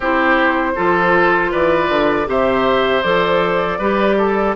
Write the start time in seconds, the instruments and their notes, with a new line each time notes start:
0.00 bassoon C4, clarinet E4, oboe G4, flute C5
0.75 bassoon F3, clarinet F4, oboe A4
1.51 bassoon E3, oboe B4, flute D5
1.89 bassoon D3
2.26 bassoon C3, clarinet G4, oboe C5, flute E5
3.02 bassoon F3, clarinet A4, flute D5
3.78 bassoon G3, clarinet G4, oboe B4
4.18 oboe A4